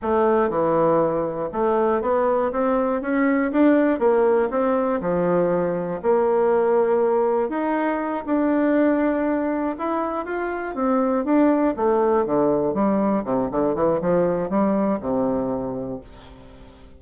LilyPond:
\new Staff \with { instrumentName = "bassoon" } { \time 4/4 \tempo 4 = 120 a4 e2 a4 | b4 c'4 cis'4 d'4 | ais4 c'4 f2 | ais2. dis'4~ |
dis'8 d'2. e'8~ | e'8 f'4 c'4 d'4 a8~ | a8 d4 g4 c8 d8 e8 | f4 g4 c2 | }